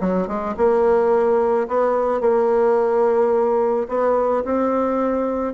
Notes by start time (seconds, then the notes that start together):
0.00 F#3
0.27 G#3
0.56 A#3
1.67 B3
2.20 A#3
3.88 B3
4.44 C4